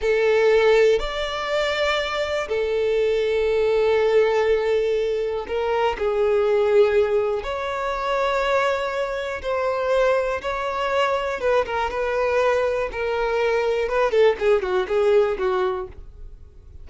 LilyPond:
\new Staff \with { instrumentName = "violin" } { \time 4/4 \tempo 4 = 121 a'2 d''2~ | d''4 a'2.~ | a'2. ais'4 | gis'2. cis''4~ |
cis''2. c''4~ | c''4 cis''2 b'8 ais'8 | b'2 ais'2 | b'8 a'8 gis'8 fis'8 gis'4 fis'4 | }